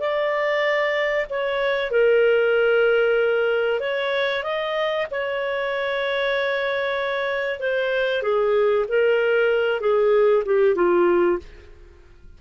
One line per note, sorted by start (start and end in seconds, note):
0.00 1.26 D5
1.30 1.91 C#5
1.91 3.80 A#4
3.80 4.43 C#5
4.44 5.07 D#5
5.11 7.60 C#5
7.60 8.23 C5
8.23 8.86 G#4
8.89 9.81 A#4
9.81 10.44 G#4
10.45 10.75 G4
10.75 11.39 F4